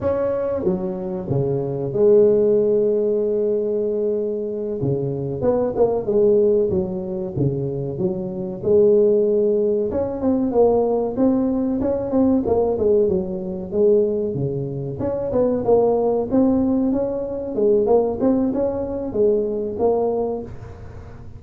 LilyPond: \new Staff \with { instrumentName = "tuba" } { \time 4/4 \tempo 4 = 94 cis'4 fis4 cis4 gis4~ | gis2.~ gis8 cis8~ | cis8 b8 ais8 gis4 fis4 cis8~ | cis8 fis4 gis2 cis'8 |
c'8 ais4 c'4 cis'8 c'8 ais8 | gis8 fis4 gis4 cis4 cis'8 | b8 ais4 c'4 cis'4 gis8 | ais8 c'8 cis'4 gis4 ais4 | }